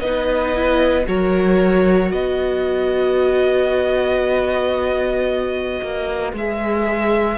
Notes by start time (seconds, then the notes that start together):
0.00 B3 D#4 B4 D#5
0.55 E4
1.05 F#3 F#4 A#4 C#5
2.11 B3 B4 D#5
5.82 A#3
6.33 G#3 G#4 E5